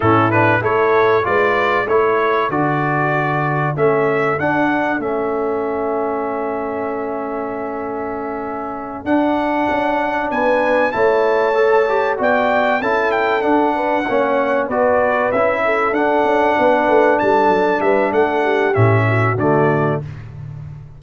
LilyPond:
<<
  \new Staff \with { instrumentName = "trumpet" } { \time 4/4 \tempo 4 = 96 a'8 b'8 cis''4 d''4 cis''4 | d''2 e''4 fis''4 | e''1~ | e''2~ e''8 fis''4.~ |
fis''8 gis''4 a''2 g''8~ | g''8 a''8 g''8 fis''2 d''8~ | d''8 e''4 fis''2 a''8~ | a''8 e''8 fis''4 e''4 d''4 | }
  \new Staff \with { instrumentName = "horn" } { \time 4/4 e'4 a'4 b'4 a'4~ | a'1~ | a'1~ | a'1~ |
a'8 b'4 cis''2 d''8~ | d''8 a'4. b'8 cis''4 b'8~ | b'4 a'4. b'4 a'8~ | a'8 b'8 a'8 g'4 fis'4. | }
  \new Staff \with { instrumentName = "trombone" } { \time 4/4 cis'8 d'8 e'4 f'4 e'4 | fis'2 cis'4 d'4 | cis'1~ | cis'2~ cis'8 d'4.~ |
d'4. e'4 a'8 g'8 fis'8~ | fis'8 e'4 d'4 cis'4 fis'8~ | fis'8 e'4 d'2~ d'8~ | d'2 cis'4 a4 | }
  \new Staff \with { instrumentName = "tuba" } { \time 4/4 a,4 a4 gis4 a4 | d2 a4 d'4 | a1~ | a2~ a8 d'4 cis'8~ |
cis'8 b4 a2 b8~ | b8 cis'4 d'4 ais4 b8~ | b8 cis'4 d'8 cis'8 b8 a8 g8 | fis8 g8 a4 a,4 d4 | }
>>